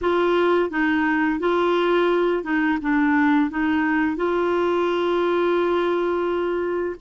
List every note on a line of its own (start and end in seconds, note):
0.01 0.70 F4
0.70 1.40 D#4
1.40 2.43 F4
2.43 2.78 D#4
2.81 3.50 D4
3.50 4.16 D#4
4.16 6.95 F4